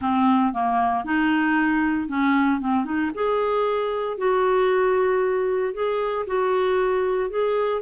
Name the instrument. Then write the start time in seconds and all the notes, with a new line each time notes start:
clarinet
0.01 C4
0.53 A#3
1.04 D#4
2.08 C#4
2.60 C4
2.85 D#4
3.14 G#4
4.17 F#4
5.73 G#4
6.27 F#4
7.29 G#4